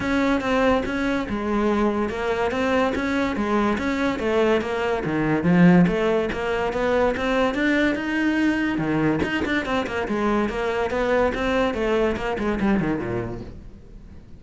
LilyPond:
\new Staff \with { instrumentName = "cello" } { \time 4/4 \tempo 4 = 143 cis'4 c'4 cis'4 gis4~ | gis4 ais4 c'4 cis'4 | gis4 cis'4 a4 ais4 | dis4 f4 a4 ais4 |
b4 c'4 d'4 dis'4~ | dis'4 dis4 dis'8 d'8 c'8 ais8 | gis4 ais4 b4 c'4 | a4 ais8 gis8 g8 dis8 ais,4 | }